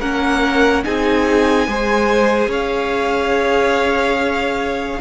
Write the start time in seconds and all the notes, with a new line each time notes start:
0.00 A#3 C#4 A#4 F#5
0.84 C4 D#4 G#4 G#5
1.67 G#3 G#4 C5
2.47 C#4 C#5 F5